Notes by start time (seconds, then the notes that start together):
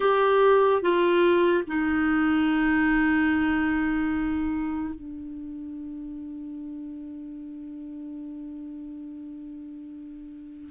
0.00 G4
0.81 F4
1.67 D#4
4.94 D4